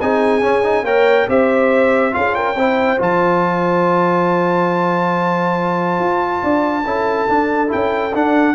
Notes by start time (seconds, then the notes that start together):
0.00 C4 D#4 G#4 G#5
0.41 C#4
0.63 D#4
0.83 A#3 A#4 C#5 G5
1.28 C4 G4 C5 E5
2.11 C#4 F4 G#4 F5
2.34 A#4 G5
2.54 C4 E4 C5
2.98 F3 F4 A5
5.99 F4
6.43 D4 D5
6.84 C#4 E4 A4
7.28 D4
7.67 E4 G5
7.73 C#4
8.14 D4 F#5